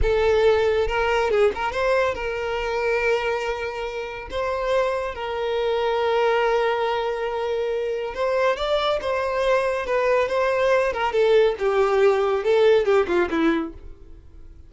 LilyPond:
\new Staff \with { instrumentName = "violin" } { \time 4/4 \tempo 4 = 140 a'2 ais'4 gis'8 ais'8 | c''4 ais'2.~ | ais'2 c''2 | ais'1~ |
ais'2. c''4 | d''4 c''2 b'4 | c''4. ais'8 a'4 g'4~ | g'4 a'4 g'8 f'8 e'4 | }